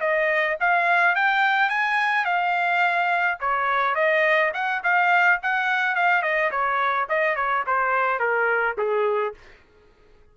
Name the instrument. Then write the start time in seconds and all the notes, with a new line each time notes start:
trumpet
0.00 D#5
0.60 F5
1.15 G5
1.69 G#5
2.25 F5
3.40 C#5
3.95 D#5
4.53 F#5
4.83 F5
5.42 F#5
5.95 F5
6.22 D#5
6.51 C#5
7.09 D#5
7.36 C#5
7.66 C5
8.19 A#4
8.78 G#4